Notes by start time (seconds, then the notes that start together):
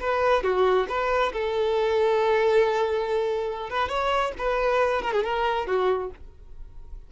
0.00 B4
0.43 F#4
0.89 B4
1.33 A4
3.70 B4
3.89 C#5
4.38 B4
5.02 A#4
5.13 G#4
5.24 A#4
5.67 F#4